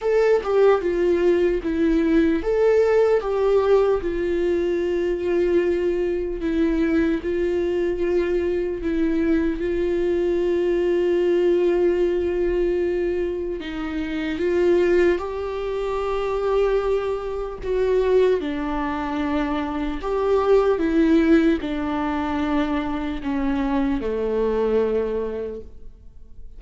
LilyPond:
\new Staff \with { instrumentName = "viola" } { \time 4/4 \tempo 4 = 75 a'8 g'8 f'4 e'4 a'4 | g'4 f'2. | e'4 f'2 e'4 | f'1~ |
f'4 dis'4 f'4 g'4~ | g'2 fis'4 d'4~ | d'4 g'4 e'4 d'4~ | d'4 cis'4 a2 | }